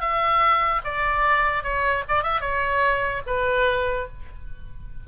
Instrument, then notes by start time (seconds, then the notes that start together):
oboe
0.00 E5
0.84 D5
1.63 C#5
2.08 D5
2.23 E5
2.41 C#5
3.27 B4